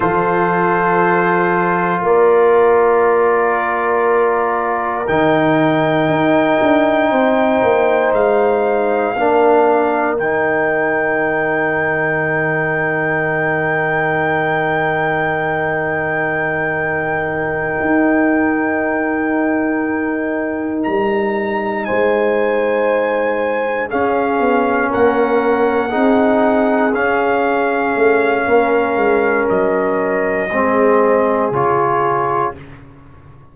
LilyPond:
<<
  \new Staff \with { instrumentName = "trumpet" } { \time 4/4 \tempo 4 = 59 c''2 d''2~ | d''4 g''2. | f''2 g''2~ | g''1~ |
g''1~ | g''8 ais''4 gis''2 f''8~ | f''8 fis''2 f''4.~ | f''4 dis''2 cis''4 | }
  \new Staff \with { instrumentName = "horn" } { \time 4/4 a'2 ais'2~ | ais'2. c''4~ | c''4 ais'2.~ | ais'1~ |
ais'1~ | ais'4. c''2 gis'8~ | gis'8 ais'4 gis'2~ gis'8 | ais'2 gis'2 | }
  \new Staff \with { instrumentName = "trombone" } { \time 4/4 f'1~ | f'4 dis'2.~ | dis'4 d'4 dis'2~ | dis'1~ |
dis'1~ | dis'2.~ dis'8 cis'8~ | cis'4. dis'4 cis'4.~ | cis'2 c'4 f'4 | }
  \new Staff \with { instrumentName = "tuba" } { \time 4/4 f2 ais2~ | ais4 dis4 dis'8 d'8 c'8 ais8 | gis4 ais4 dis2~ | dis1~ |
dis4. dis'2~ dis'8~ | dis'8 g4 gis2 cis'8 | b8 ais4 c'4 cis'4 a8 | ais8 gis8 fis4 gis4 cis4 | }
>>